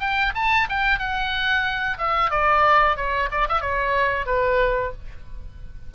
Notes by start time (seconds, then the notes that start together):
0.00 G5
0.35 A5
0.69 G5
0.99 F#5
1.98 E5
2.31 D5
2.97 C#5
3.31 D5
3.49 E5
3.61 C#5
4.26 B4